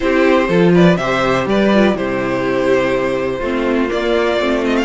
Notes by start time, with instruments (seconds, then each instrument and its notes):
0.00 cello C4, viola E4, violin G4 C5
0.48 cello F3, viola F4, violin A4
0.74 violin B4 D5
0.97 cello C3, viola G4, violin C5 E5
1.46 cello G3, violin B4 D5
1.74 viola F4
1.94 cello C3, viola E4, violin G4 C5
3.38 cello A3, viola C4, violin F4
3.88 viola A#3, cello A#3, violin D5
4.39 cello A3, viola C4
4.64 violin D#5
4.77 violin F5